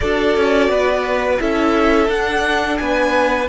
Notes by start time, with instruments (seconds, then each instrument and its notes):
0.00 cello D4, viola F#4, violin A4 D5
0.37 cello C#4
0.69 cello B3, violin B4
1.40 cello C#4, viola E4, violin A4 E5
2.07 viola D4, cello D4, violin F#5
2.77 cello B3, violin B4 G#5